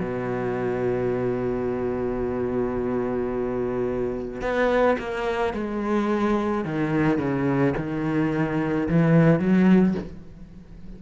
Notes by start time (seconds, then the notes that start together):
0.00 B2
4.42 B3
4.99 A#3
5.54 G#3
6.65 D#3
7.19 C#3
7.77 D#3
8.89 E3
9.40 F#3